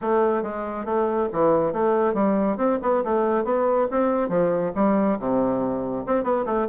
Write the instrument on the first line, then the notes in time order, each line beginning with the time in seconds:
bassoon
0.01 A3
0.42 G#3
0.85 A3
1.32 E3
1.72 A3
2.14 G3
2.57 C4
2.82 B3
3.04 A3
3.44 B3
3.90 C4
4.29 F3
4.75 G3
5.19 C3
6.06 C4
6.23 B3
6.45 A3